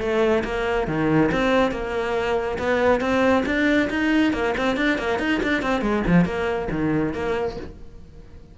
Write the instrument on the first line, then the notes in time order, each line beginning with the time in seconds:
cello
0.00 A3
0.44 A#3
0.87 D#3
1.32 C4
1.71 A#3
2.58 B3
3.00 C4
3.46 D4
3.90 D#4
4.33 A#3
4.57 C4
4.77 D4
4.98 A#3
5.19 D#4
5.43 D4
5.62 C4
5.81 G#3
6.07 F3
6.25 A#3
6.71 D#3
7.13 A#3